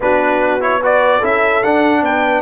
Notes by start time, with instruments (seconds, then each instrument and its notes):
0.00 tuba B3, trombone D4, horn F#4, trumpet B4
0.60 trombone E4, trumpet C#5
0.81 trombone F#4, horn B4, trumpet D5
1.18 tuba C#4, trombone E4, horn A4, trumpet E5
1.63 tuba D4, trombone D4, trumpet F#5
2.02 tuba B3, horn B4, trumpet G5